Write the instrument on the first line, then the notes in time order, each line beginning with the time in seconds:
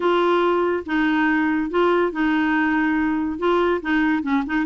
clarinet
0.00 F4
0.85 D#4
1.70 F4
2.12 D#4
3.38 F4
3.82 D#4
4.22 C#4
4.46 D#4